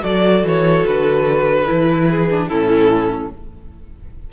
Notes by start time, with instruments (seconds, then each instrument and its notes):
0.00 cello F#3, viola F#4, violin A4 D5
0.43 cello E3, violin C#5
0.86 cello D3, violin B4
1.66 cello E3, viola E4
2.10 violin G#4
2.30 viola D4
2.47 cello A2, viola C#4, violin E4 A4